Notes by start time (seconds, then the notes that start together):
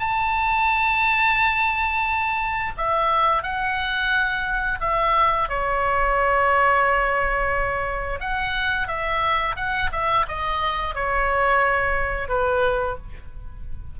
0.00 A5
2.78 E5
3.43 F#5
4.81 E5
5.49 C#5
8.20 F#5
8.88 E5
9.56 F#5
9.92 E5
10.28 D#5
10.95 C#5
12.29 B4